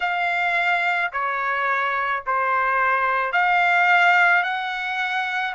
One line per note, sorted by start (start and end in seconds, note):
0.00 1.11 F5
1.12 2.23 C#5
2.26 3.32 C5
3.32 4.43 F5
4.43 5.54 F#5